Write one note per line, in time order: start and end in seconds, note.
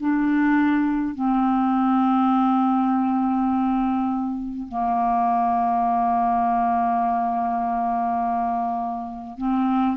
0.00 1.15 D4
1.15 4.68 C4
4.68 9.37 A#3
9.37 9.96 C4